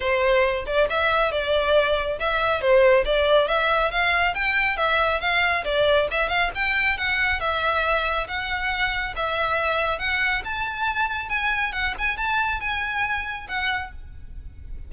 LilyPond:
\new Staff \with { instrumentName = "violin" } { \time 4/4 \tempo 4 = 138 c''4. d''8 e''4 d''4~ | d''4 e''4 c''4 d''4 | e''4 f''4 g''4 e''4 | f''4 d''4 e''8 f''8 g''4 |
fis''4 e''2 fis''4~ | fis''4 e''2 fis''4 | a''2 gis''4 fis''8 gis''8 | a''4 gis''2 fis''4 | }